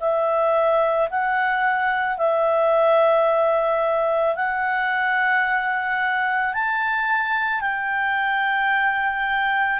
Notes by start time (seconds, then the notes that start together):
0.00 E5
1.10 F#5
2.18 E5
4.36 F#5
6.54 A5
7.61 G5